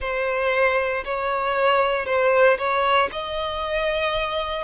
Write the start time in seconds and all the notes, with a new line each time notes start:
0.00 C5
1.04 C#5
2.05 C5
2.58 C#5
3.12 D#5